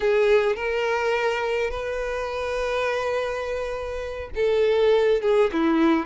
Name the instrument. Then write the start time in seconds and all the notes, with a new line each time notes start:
violin
0.00 G#4
0.55 A#4
1.70 B4
4.35 A4
5.21 G#4
5.52 E4